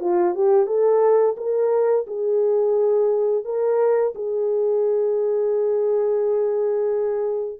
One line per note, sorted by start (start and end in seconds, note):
0.00 0.34 F4
0.34 0.66 G4
0.66 1.35 A4
1.37 2.06 A#4
2.07 3.44 G#4
3.44 4.13 A#4
4.15 7.60 G#4